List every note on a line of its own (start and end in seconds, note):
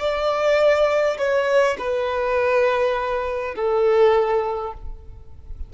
0.00 1.18 D5
1.18 1.77 C#5
1.78 3.55 B4
3.56 4.73 A4